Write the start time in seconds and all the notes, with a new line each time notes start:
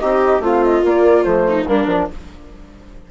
0.00 C4 D#4 G4 D#5
0.40 A3 C4 F4
0.46 F5
0.64 D#5
0.84 A#3 D5
1.24 F3 A3 C5
1.49 D#4
1.68 G3 A#3 D4 A#4
1.87 F3 D4